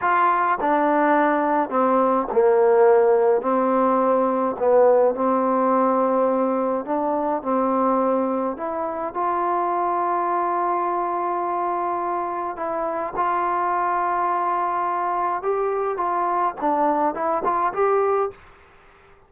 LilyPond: \new Staff \with { instrumentName = "trombone" } { \time 4/4 \tempo 4 = 105 f'4 d'2 c'4 | ais2 c'2 | b4 c'2. | d'4 c'2 e'4 |
f'1~ | f'2 e'4 f'4~ | f'2. g'4 | f'4 d'4 e'8 f'8 g'4 | }